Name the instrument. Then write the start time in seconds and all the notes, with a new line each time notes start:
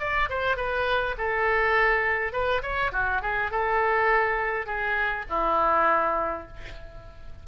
oboe
0.00 D5
0.30 C5
0.57 B4
1.18 A4
2.33 B4
2.63 C#5
2.93 F#4
3.22 G#4
3.51 A4
4.67 G#4
5.30 E4